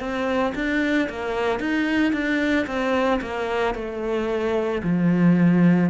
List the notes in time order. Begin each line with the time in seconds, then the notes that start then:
0.00 C4
0.55 D4
1.10 A#3
1.60 D#4
2.13 D4
2.67 C4
3.21 A#3
3.75 A3
4.83 F3